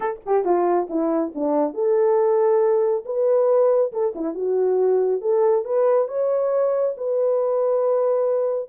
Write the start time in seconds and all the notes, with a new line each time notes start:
0.00 A4
0.25 G4
0.44 F4
0.89 E4
1.34 D4
1.74 A4
3.05 B4
3.92 A4
4.15 E4
4.34 F#4
5.21 A4
5.65 B4
6.08 C#5
6.97 B4